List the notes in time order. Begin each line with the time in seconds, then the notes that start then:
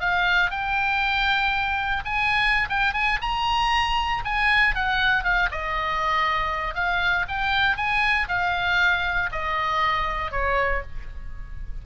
0.00 F5
0.50 G5
2.05 G#5
2.69 G5
2.93 G#5
3.21 A#5
4.24 G#5
4.75 F#5
5.23 F5
5.51 D#5
6.74 F5
7.28 G5
7.76 G#5
8.28 F5
9.31 D#5
10.31 C#5